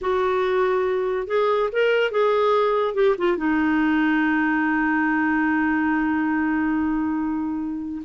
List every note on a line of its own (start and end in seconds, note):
0.01 1.27 F#4
1.27 1.69 G#4
1.72 2.11 A#4
2.11 2.94 G#4
2.94 3.15 G4
3.18 3.37 F4
3.37 8.02 D#4